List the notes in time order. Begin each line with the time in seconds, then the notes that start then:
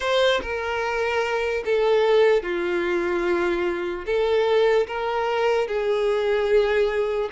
0.00 C5
0.42 A#4
1.65 A4
2.43 F4
4.05 A4
4.87 A#4
5.67 G#4